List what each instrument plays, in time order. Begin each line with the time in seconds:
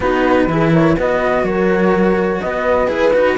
0.00 cello B3 D#4, horn F#4, flute B4
0.47 cello E3 E4, horn G#4
0.72 horn A#4, flute C#5
0.96 cello B3 F#4, horn B4, flute D#5
1.43 cello F#3, horn A#4, flute C#5
2.40 cello B3, horn B4, flute D#5
2.87 cello E4 G#4, flute B4
3.13 cello D#4 F#4